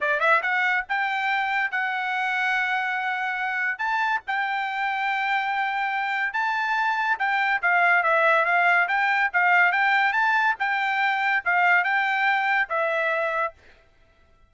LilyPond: \new Staff \with { instrumentName = "trumpet" } { \time 4/4 \tempo 4 = 142 d''8 e''8 fis''4 g''2 | fis''1~ | fis''4 a''4 g''2~ | g''2. a''4~ |
a''4 g''4 f''4 e''4 | f''4 g''4 f''4 g''4 | a''4 g''2 f''4 | g''2 e''2 | }